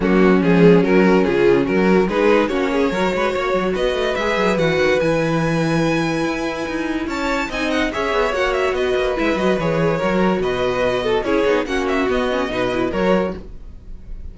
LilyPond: <<
  \new Staff \with { instrumentName = "violin" } { \time 4/4 \tempo 4 = 144 fis'4 gis'4 ais'4 gis'4 | ais'4 b'4 cis''2~ | cis''4 dis''4 e''4 fis''4 | gis''1~ |
gis''4 a''4 gis''8 fis''8 e''4 | fis''8 e''8 dis''4 e''8 dis''8 cis''4~ | cis''4 dis''2 cis''4 | fis''8 e''8 dis''2 cis''4 | }
  \new Staff \with { instrumentName = "violin" } { \time 4/4 cis'1~ | cis'4 gis'4 fis'8 gis'8 ais'8 b'8 | cis''4 b'2.~ | b'1~ |
b'4 cis''4 dis''4 cis''4~ | cis''4 b'2. | ais'4 b'4. a'8 gis'4 | fis'2 b'4 ais'4 | }
  \new Staff \with { instrumentName = "viola" } { \time 4/4 ais4 gis4 fis8 fis'8 f'4 | fis'4 dis'4 cis'4 fis'4~ | fis'2 gis'4 fis'4 | e'1~ |
e'2 dis'4 gis'4 | fis'2 e'8 fis'8 gis'4 | fis'2. e'8 dis'8 | cis'4 b8 cis'8 dis'8 e'8 fis'4 | }
  \new Staff \with { instrumentName = "cello" } { \time 4/4 fis4 f4 fis4 cis4 | fis4 gis4 ais4 fis8 gis8 | ais8 fis8 b8 a8 gis8 fis8 e8 dis8 | e2. e'4 |
dis'4 cis'4 c'4 cis'8 b8 | ais4 b8 ais8 gis8 fis8 e4 | fis4 b,2 cis'8 b8 | ais4 b4 b,4 fis4 | }
>>